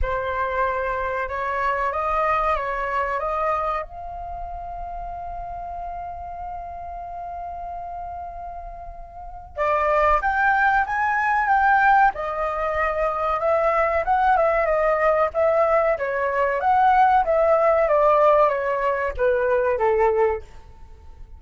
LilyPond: \new Staff \with { instrumentName = "flute" } { \time 4/4 \tempo 4 = 94 c''2 cis''4 dis''4 | cis''4 dis''4 f''2~ | f''1~ | f''2. d''4 |
g''4 gis''4 g''4 dis''4~ | dis''4 e''4 fis''8 e''8 dis''4 | e''4 cis''4 fis''4 e''4 | d''4 cis''4 b'4 a'4 | }